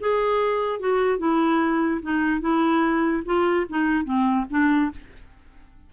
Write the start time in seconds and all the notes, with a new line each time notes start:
0.00 G#4
0.80 F#4
1.18 E4
2.02 D#4
2.41 E4
3.25 F4
3.69 D#4
4.04 C4
4.50 D4